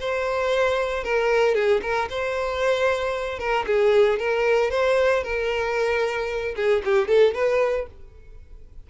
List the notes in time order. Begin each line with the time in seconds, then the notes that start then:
0.00 C5
1.04 A#4
1.55 G#4
1.83 A#4
2.10 C5
3.39 A#4
3.67 G#4
4.20 A#4
4.71 C5
5.24 A#4
6.56 G#4
6.85 G4
7.08 A4
7.34 B4